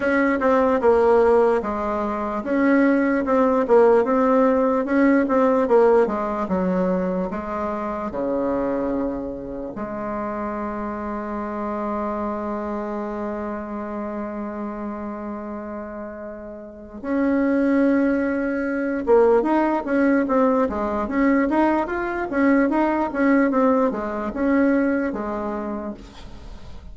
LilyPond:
\new Staff \with { instrumentName = "bassoon" } { \time 4/4 \tempo 4 = 74 cis'8 c'8 ais4 gis4 cis'4 | c'8 ais8 c'4 cis'8 c'8 ais8 gis8 | fis4 gis4 cis2 | gis1~ |
gis1~ | gis4 cis'2~ cis'8 ais8 | dis'8 cis'8 c'8 gis8 cis'8 dis'8 f'8 cis'8 | dis'8 cis'8 c'8 gis8 cis'4 gis4 | }